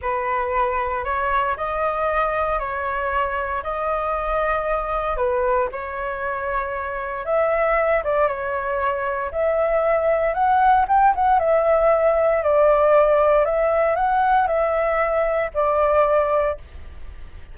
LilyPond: \new Staff \with { instrumentName = "flute" } { \time 4/4 \tempo 4 = 116 b'2 cis''4 dis''4~ | dis''4 cis''2 dis''4~ | dis''2 b'4 cis''4~ | cis''2 e''4. d''8 |
cis''2 e''2 | fis''4 g''8 fis''8 e''2 | d''2 e''4 fis''4 | e''2 d''2 | }